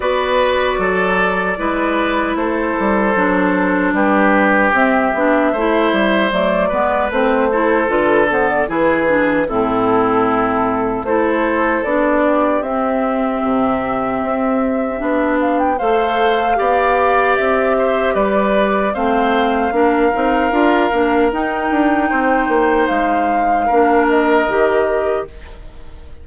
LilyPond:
<<
  \new Staff \with { instrumentName = "flute" } { \time 4/4 \tempo 4 = 76 d''2. c''4~ | c''4 b'4 e''2 | d''4 c''4 b'8 c''16 d''16 b'4 | a'2 c''4 d''4 |
e''2.~ e''8 f''16 g''16 | f''2 e''4 d''4 | f''2. g''4~ | g''4 f''4. dis''4. | }
  \new Staff \with { instrumentName = "oboe" } { \time 4/4 b'4 a'4 b'4 a'4~ | a'4 g'2 c''4~ | c''8 b'4 a'4. gis'4 | e'2 a'4. g'8~ |
g'1 | c''4 d''4. c''8 b'4 | c''4 ais'2. | c''2 ais'2 | }
  \new Staff \with { instrumentName = "clarinet" } { \time 4/4 fis'2 e'2 | d'2 c'8 d'8 e'4 | a8 b8 c'8 e'8 f'8 b8 e'8 d'8 | c'2 e'4 d'4 |
c'2. d'4 | a'4 g'2. | c'4 d'8 dis'8 f'8 d'8 dis'4~ | dis'2 d'4 g'4 | }
  \new Staff \with { instrumentName = "bassoon" } { \time 4/4 b4 fis4 gis4 a8 g8 | fis4 g4 c'8 b8 a8 g8 | fis8 gis8 a4 d4 e4 | a,2 a4 b4 |
c'4 c4 c'4 b4 | a4 b4 c'4 g4 | a4 ais8 c'8 d'8 ais8 dis'8 d'8 | c'8 ais8 gis4 ais4 dis4 | }
>>